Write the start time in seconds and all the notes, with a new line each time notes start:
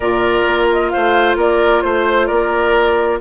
0.00 A#2 F4 A#4 D5
0.46 A#3
0.72 D#5
0.89 C5 F5
0.96 A3
1.36 A#3 A#4 D5
1.81 A3 C5
2.26 A#3 A#4 D5